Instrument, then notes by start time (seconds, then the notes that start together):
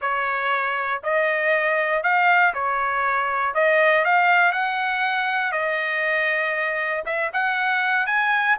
trumpet
0.01 C#5
1.03 D#5
2.03 F5
2.54 C#5
3.54 D#5
4.04 F5
4.51 F#5
5.52 D#5
7.05 E5
7.33 F#5
8.06 G#5